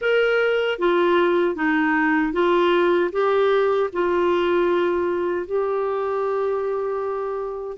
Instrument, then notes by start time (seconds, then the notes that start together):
clarinet
0.01 A#4
0.78 F4
1.55 D#4
2.32 F4
3.12 G4
3.92 F4
5.46 G4